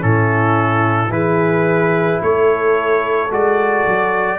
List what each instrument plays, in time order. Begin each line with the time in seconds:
0.00 tuba A2, trombone C#4, horn E4, trumpet A4
1.09 tuba E3, trombone E4, horn G#4, trumpet B4
2.22 tuba A3, horn A4, trumpet C#5
3.31 tuba G#3, trombone F#4, trumpet D5
3.87 tuba F#3